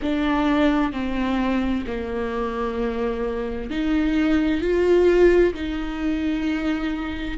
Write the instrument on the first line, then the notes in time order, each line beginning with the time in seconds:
viola
0.02 D4
0.92 C4
1.86 A#3
3.70 D#4
4.61 F4
5.54 D#4